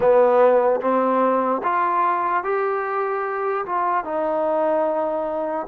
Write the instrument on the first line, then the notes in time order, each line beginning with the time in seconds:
trombone
0.00 B3
0.80 C4
1.63 F4
2.43 G4
3.65 F4
4.04 D#4